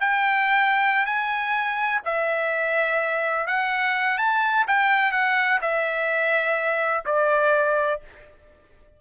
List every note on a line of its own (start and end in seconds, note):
0.00 1.05 G5
1.05 2.01 G#5
2.05 3.47 E5
3.47 4.18 F#5
4.18 4.65 A5
4.67 5.11 G5
5.11 5.59 F#5
5.61 7.04 E5
7.05 8.00 D5